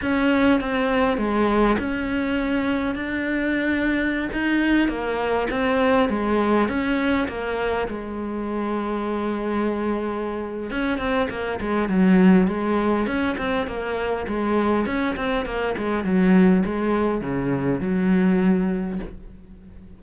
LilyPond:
\new Staff \with { instrumentName = "cello" } { \time 4/4 \tempo 4 = 101 cis'4 c'4 gis4 cis'4~ | cis'4 d'2~ d'16 dis'8.~ | dis'16 ais4 c'4 gis4 cis'8.~ | cis'16 ais4 gis2~ gis8.~ |
gis2 cis'8 c'8 ais8 gis8 | fis4 gis4 cis'8 c'8 ais4 | gis4 cis'8 c'8 ais8 gis8 fis4 | gis4 cis4 fis2 | }